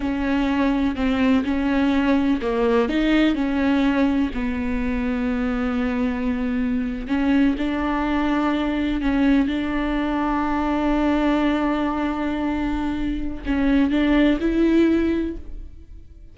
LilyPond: \new Staff \with { instrumentName = "viola" } { \time 4/4 \tempo 4 = 125 cis'2 c'4 cis'4~ | cis'4 ais4 dis'4 cis'4~ | cis'4 b2.~ | b2~ b8. cis'4 d'16~ |
d'2~ d'8. cis'4 d'16~ | d'1~ | d'1 | cis'4 d'4 e'2 | }